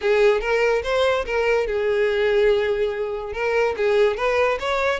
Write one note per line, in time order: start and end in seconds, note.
0.01 0.41 G#4
0.41 0.82 A#4
0.83 1.25 C5
1.25 1.66 A#4
1.66 3.33 G#4
3.33 3.75 A#4
3.76 4.16 G#4
4.16 4.58 B4
4.59 4.99 C#5